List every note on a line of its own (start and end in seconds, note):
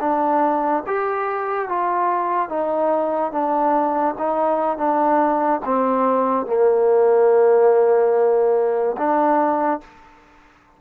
0.00 0.83 D4
0.86 1.69 G4
1.69 2.49 F4
2.49 3.31 D#4
3.31 4.15 D4
4.18 4.77 D#4
4.77 5.61 D4
5.65 6.46 C4
6.46 8.96 A#3
8.97 9.80 D4